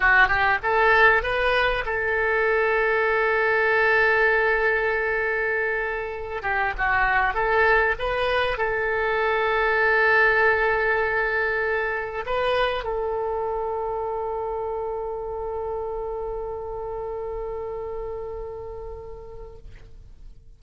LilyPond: \new Staff \with { instrumentName = "oboe" } { \time 4/4 \tempo 4 = 98 fis'8 g'8 a'4 b'4 a'4~ | a'1~ | a'2~ a'8 g'8 fis'4 | a'4 b'4 a'2~ |
a'1 | b'4 a'2.~ | a'1~ | a'1 | }